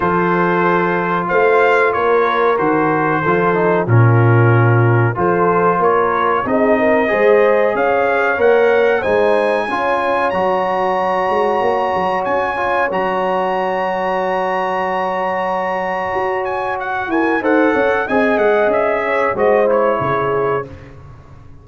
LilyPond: <<
  \new Staff \with { instrumentName = "trumpet" } { \time 4/4 \tempo 4 = 93 c''2 f''4 cis''4 | c''2 ais'2 | c''4 cis''4 dis''2 | f''4 fis''4 gis''2 |
ais''2. gis''4 | ais''1~ | ais''4. gis''8 fis''8 gis''8 fis''4 | gis''8 fis''8 e''4 dis''8 cis''4. | }
  \new Staff \with { instrumentName = "horn" } { \time 4/4 a'2 c''4 ais'4~ | ais'4 a'4 f'2 | a'4 ais'4 gis'8 ais'8 c''4 | cis''2 c''4 cis''4~ |
cis''1~ | cis''1~ | cis''2~ cis''8 ais'8 c''8 cis''8 | dis''4. cis''8 c''4 gis'4 | }
  \new Staff \with { instrumentName = "trombone" } { \time 4/4 f'1 | fis'4 f'8 dis'8 cis'2 | f'2 dis'4 gis'4~ | gis'4 ais'4 dis'4 f'4 |
fis'2.~ fis'8 f'8 | fis'1~ | fis'2. a'4 | gis'2 fis'8 e'4. | }
  \new Staff \with { instrumentName = "tuba" } { \time 4/4 f2 a4 ais4 | dis4 f4 ais,2 | f4 ais4 c'4 gis4 | cis'4 ais4 gis4 cis'4 |
fis4. gis8 ais8 fis8 cis'4 | fis1~ | fis4 fis'4. e'8 dis'8 cis'8 | c'8 gis8 cis'4 gis4 cis4 | }
>>